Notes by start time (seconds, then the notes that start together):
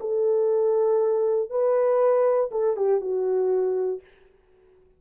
0.00 A4
1.50 B4
2.51 A4
2.76 G4
3.00 F#4